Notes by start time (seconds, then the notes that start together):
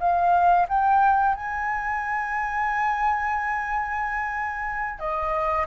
0.00 F5
0.68 G5
1.35 G#5
4.99 D#5